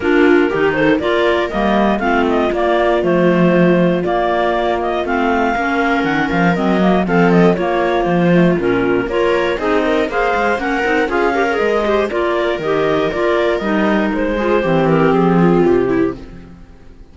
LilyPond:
<<
  \new Staff \with { instrumentName = "clarinet" } { \time 4/4 \tempo 4 = 119 ais'4. c''8 d''4 dis''4 | f''8 dis''8 d''4 c''2 | d''4. dis''8 f''2 | fis''8 f''8 dis''4 f''8 dis''8 cis''4 |
c''4 ais'4 cis''4 dis''4 | f''4 fis''4 f''4 dis''4 | d''4 dis''4 d''4 dis''4 | c''4. ais'8 gis'4 g'4 | }
  \new Staff \with { instrumentName = "viola" } { \time 4/4 f'4 g'8 a'8 ais'2 | f'1~ | f'2. ais'4~ | ais'2 a'4 f'4~ |
f'2 ais'4 gis'8 ais'8 | c''4 ais'4 gis'8 ais'4 c''8 | ais'1~ | ais'8 gis'8 g'4. f'4 e'8 | }
  \new Staff \with { instrumentName = "clarinet" } { \time 4/4 d'4 dis'4 f'4 ais4 | c'4 ais4 a2 | ais2 c'4 cis'4~ | cis'4 c'8 ais8 c'4 ais4~ |
ais8 a8 cis'4 f'4 dis'4 | gis'4 cis'8 dis'8 f'8 g'16 gis'8. g'8 | f'4 g'4 f'4 dis'4~ | dis'8 f'8 c'2. | }
  \new Staff \with { instrumentName = "cello" } { \time 4/4 ais4 dis4 ais4 g4 | a4 ais4 f2 | ais2 a4 ais4 | dis8 f8 fis4 f4 ais4 |
f4 ais,4 ais4 c'4 | ais8 gis8 ais8 c'8 cis'4 gis4 | ais4 dis4 ais4 g4 | gis4 e4 f4 c4 | }
>>